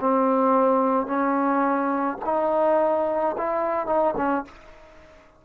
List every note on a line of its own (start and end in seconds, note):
0.00 1.06 C4
1.06 2.17 C#4
2.25 3.36 D#4
3.38 3.86 E4
3.86 4.14 D#4
4.17 4.44 C#4